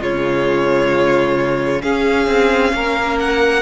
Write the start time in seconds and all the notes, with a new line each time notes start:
0.00 C#3 G#3 F4 C#5
1.82 C#4 G#4 F5
2.27 C4
2.73 A#3 A#4
3.20 F#5